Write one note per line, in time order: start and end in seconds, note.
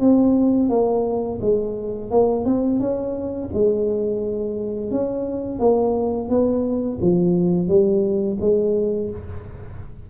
0.00 0.69 C4
0.69 1.39 A#3
1.41 2.11 G#3
2.11 2.45 A#3
2.45 2.80 C4
2.80 3.49 C#4
3.54 4.91 G#3
4.91 5.59 C#4
5.59 6.29 A#3
6.29 6.99 B3
7.01 7.68 F3
7.68 8.38 G3
8.40 9.10 G#3